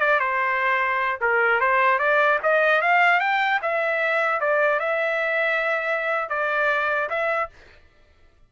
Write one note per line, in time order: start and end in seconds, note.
0.00 0.20 D5
0.20 1.20 C5
1.21 1.61 A#4
1.61 1.99 C5
1.99 2.39 D5
2.43 2.82 D#5
2.82 3.20 F5
3.20 3.60 G5
3.62 4.41 E5
4.41 4.80 D5
4.80 6.29 E5
6.29 7.09 D5
7.10 7.50 E5